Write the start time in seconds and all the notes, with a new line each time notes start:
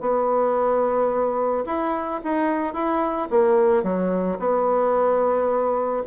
0.00 B3
1.66 E4
2.23 D#4
2.73 E4
3.30 A#3
3.83 F#3
4.39 B3